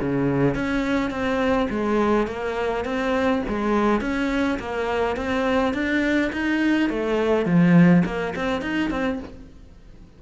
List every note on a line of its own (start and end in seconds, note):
0.00 0.55 C#3
0.55 1.10 C#4
1.10 1.68 C4
1.70 2.27 G#3
2.27 2.85 A#3
2.85 3.42 C4
3.48 4.00 G#3
4.00 4.58 C#4
4.59 5.16 A#3
5.16 5.73 C4
5.73 6.31 D4
6.32 6.89 D#4
6.89 7.45 A3
7.45 8.03 F3
8.05 8.34 A#3
8.35 8.61 C4
8.61 8.90 D#4
8.90 9.19 C4